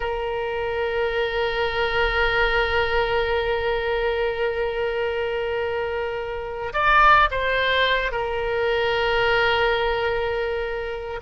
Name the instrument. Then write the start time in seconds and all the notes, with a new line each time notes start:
oboe
0.00 A#4
6.73 D5
7.30 C5
8.11 A#4